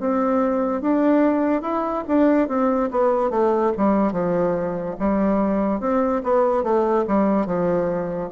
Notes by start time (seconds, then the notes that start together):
0.00 C4
0.81 D4
1.62 E4
2.08 D4
2.48 C4
2.91 B3
3.30 A3
3.78 G3
4.12 F3
4.99 G3
5.80 C4
6.23 B3
6.64 A3
7.07 G3
7.46 F3